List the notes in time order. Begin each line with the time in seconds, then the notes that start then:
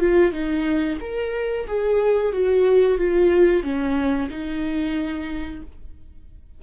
0.00 F4
0.32 D#4
1.01 A#4
1.67 G#4
2.33 F#4
2.98 F4
3.63 C#4
4.30 D#4